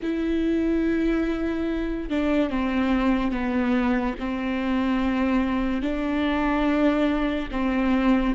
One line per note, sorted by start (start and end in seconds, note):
0.02 2.09 E4
2.09 2.50 D4
2.50 3.31 C4
3.31 4.14 B3
4.19 5.81 C4
5.81 7.48 D4
7.51 8.34 C4